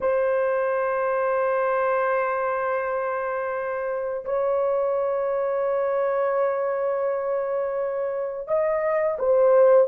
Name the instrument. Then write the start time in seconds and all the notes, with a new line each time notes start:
horn
0.01 C5
4.24 C#5
8.47 D#5
9.18 C5